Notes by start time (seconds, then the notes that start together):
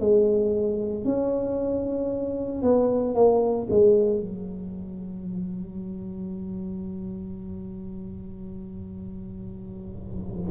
0.00 G#3
1.04 C#4
2.62 B3
3.15 A#3
3.70 G#3
4.20 F#3